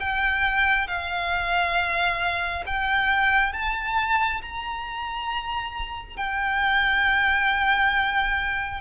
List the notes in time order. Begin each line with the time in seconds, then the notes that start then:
0.00 G5
0.88 F5
2.66 G5
3.53 A5
4.42 A#5
6.17 G5